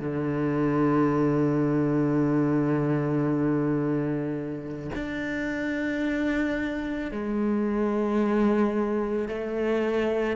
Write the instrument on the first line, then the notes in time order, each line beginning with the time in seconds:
cello
0.00 D3
4.95 D4
7.12 G#3
9.29 A3